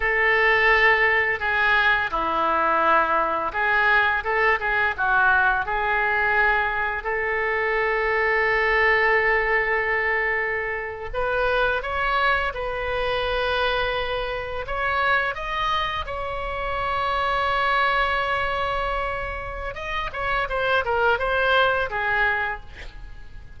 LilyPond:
\new Staff \with { instrumentName = "oboe" } { \time 4/4 \tempo 4 = 85 a'2 gis'4 e'4~ | e'4 gis'4 a'8 gis'8 fis'4 | gis'2 a'2~ | a'2.~ a'8. b'16~ |
b'8. cis''4 b'2~ b'16~ | b'8. cis''4 dis''4 cis''4~ cis''16~ | cis''1 | dis''8 cis''8 c''8 ais'8 c''4 gis'4 | }